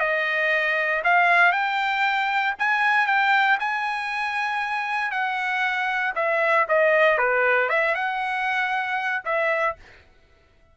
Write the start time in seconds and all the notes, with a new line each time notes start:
0.00 D#5
1.04 F5
1.52 G5
2.59 G#5
3.07 G5
3.60 G#5
5.12 F#5
6.15 E5
6.69 D#5
7.18 B4
7.69 E5
7.95 F#5
9.25 E5